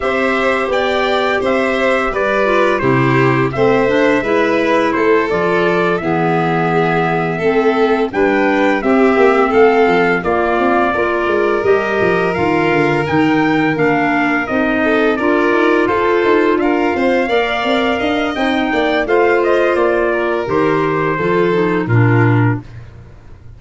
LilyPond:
<<
  \new Staff \with { instrumentName = "trumpet" } { \time 4/4 \tempo 4 = 85 e''4 g''4 e''4 d''4 | c''4 e''2 c''8 d''8~ | d''8 e''2. g''8~ | g''8 e''4 f''4 d''4.~ |
d''8 dis''4 f''4 g''4 f''8~ | f''8 dis''4 d''4 c''4 f''8~ | f''2 g''4 f''8 dis''8 | d''4 c''2 ais'4 | }
  \new Staff \with { instrumentName = "violin" } { \time 4/4 c''4 d''4 c''4 b'4 | g'4 c''4 b'4 a'4~ | a'8 gis'2 a'4 b'8~ | b'8 g'4 a'4 f'4 ais'8~ |
ais'1~ | ais'4 a'8 ais'4 a'4 ais'8 | c''8 d''4 dis''4 d''8 c''4~ | c''8 ais'4. a'4 f'4 | }
  \new Staff \with { instrumentName = "clarinet" } { \time 4/4 g'2.~ g'8 f'8 | e'4 c'8 d'8 e'4. f'8~ | f'8 b2 c'4 d'8~ | d'8 c'2 ais4 f'8~ |
f'8 g'4 f'4 dis'4 d'8~ | d'8 dis'4 f'2~ f'8~ | f'8 ais'4. dis'4 f'4~ | f'4 g'4 f'8 dis'8 d'4 | }
  \new Staff \with { instrumentName = "tuba" } { \time 4/4 c'4 b4 c'4 g4 | c4 a4 gis4 a8 f8~ | f8 e2 a4 g8~ | g8 c'8 ais8 a8 f8 ais8 c'8 ais8 |
gis8 g8 f8 dis8 d8 dis4 ais8~ | ais8 c'4 d'8 dis'8 f'8 dis'8 d'8 | c'8 ais8 c'8 d'8 c'8 ais8 a4 | ais4 dis4 f4 ais,4 | }
>>